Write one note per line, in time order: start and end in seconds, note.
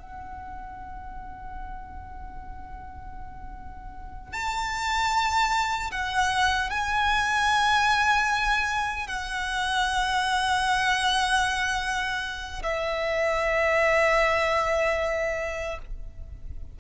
0.00 4.33 F#5
4.33 5.91 A5
5.91 6.70 F#5
6.70 9.07 G#5
9.08 12.63 F#5
12.63 15.79 E5